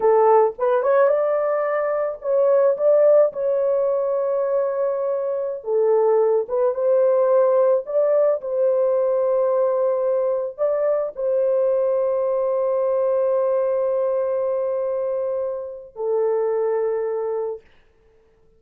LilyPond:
\new Staff \with { instrumentName = "horn" } { \time 4/4 \tempo 4 = 109 a'4 b'8 cis''8 d''2 | cis''4 d''4 cis''2~ | cis''2~ cis''16 a'4. b'16~ | b'16 c''2 d''4 c''8.~ |
c''2.~ c''16 d''8.~ | d''16 c''2.~ c''8.~ | c''1~ | c''4 a'2. | }